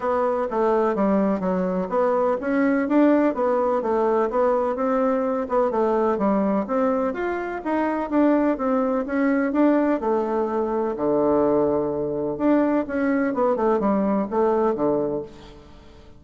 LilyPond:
\new Staff \with { instrumentName = "bassoon" } { \time 4/4 \tempo 4 = 126 b4 a4 g4 fis4 | b4 cis'4 d'4 b4 | a4 b4 c'4. b8 | a4 g4 c'4 f'4 |
dis'4 d'4 c'4 cis'4 | d'4 a2 d4~ | d2 d'4 cis'4 | b8 a8 g4 a4 d4 | }